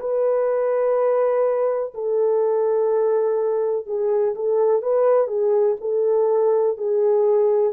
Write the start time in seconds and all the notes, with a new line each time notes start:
0.00 B4
1.94 A4
3.87 G#4
4.35 A4
4.83 B4
5.28 G#4
5.81 A4
6.77 G#4